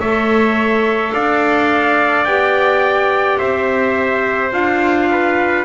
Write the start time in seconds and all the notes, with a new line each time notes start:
0.00 A3 A4 C#5 E5
1.14 D4 D5 F5
2.25 B3 G4 G5
3.38 C4 C5 E5
4.52 D4 F4 F5
5.12 B4